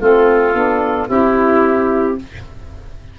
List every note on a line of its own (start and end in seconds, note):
0.00 0.54 A3
0.00 0.53 C4
0.00 1.08 F4
0.00 1.10 A4
0.53 1.08 B3
0.53 1.08 D4
1.08 2.19 C4
1.08 2.17 E4
1.08 2.18 E4
1.08 2.19 G4